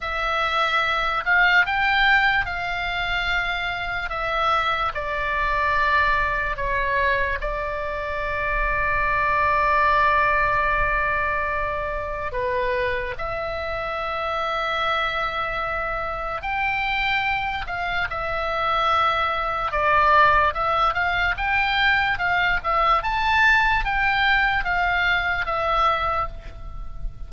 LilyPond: \new Staff \with { instrumentName = "oboe" } { \time 4/4 \tempo 4 = 73 e''4. f''8 g''4 f''4~ | f''4 e''4 d''2 | cis''4 d''2.~ | d''2. b'4 |
e''1 | g''4. f''8 e''2 | d''4 e''8 f''8 g''4 f''8 e''8 | a''4 g''4 f''4 e''4 | }